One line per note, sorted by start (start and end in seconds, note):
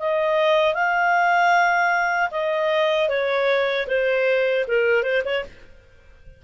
0.00 0.74 D#5
0.74 2.30 F5
2.31 3.09 D#5
3.09 3.87 C#5
3.87 4.65 C5
4.68 5.03 A#4
5.03 5.23 C5
5.25 5.45 C#5